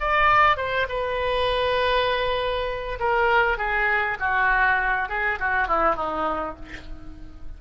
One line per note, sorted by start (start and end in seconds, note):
0.00 0.57 D5
0.57 0.87 C5
0.89 2.99 B4
2.99 3.58 A#4
3.58 4.18 G#4
4.19 5.09 F#4
5.09 5.39 G#4
5.40 5.68 F#4
5.68 5.96 E4
5.96 6.56 D#4